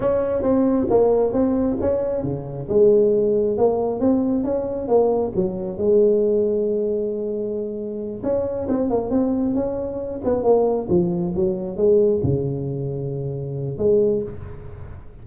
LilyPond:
\new Staff \with { instrumentName = "tuba" } { \time 4/4 \tempo 4 = 135 cis'4 c'4 ais4 c'4 | cis'4 cis4 gis2 | ais4 c'4 cis'4 ais4 | fis4 gis2.~ |
gis2~ gis8 cis'4 c'8 | ais8 c'4 cis'4. b8 ais8~ | ais8 f4 fis4 gis4 cis8~ | cis2. gis4 | }